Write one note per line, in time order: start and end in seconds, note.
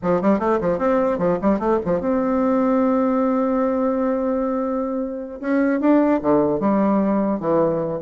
0.02 0.21 F3
0.21 0.39 G3
0.39 0.59 A3
0.61 0.78 F3
0.78 1.18 C4
1.18 1.38 F3
1.41 1.59 G3
1.59 1.79 A3
1.85 2.00 F3
2.00 5.40 C4
5.40 5.80 C#4
5.80 6.20 D4
6.21 6.59 D3
6.59 7.39 G3
7.40 8.00 E3